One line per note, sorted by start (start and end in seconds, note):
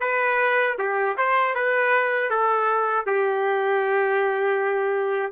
0.00 0.76 B4
0.79 1.17 G4
1.17 1.55 C5
1.55 2.30 B4
2.30 3.06 A4
3.06 5.32 G4